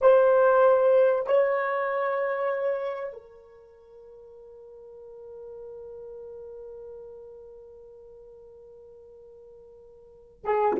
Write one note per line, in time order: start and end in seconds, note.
0.01 1.26 C5
1.26 3.12 C#5
3.12 10.44 A#4
10.44 10.75 G#4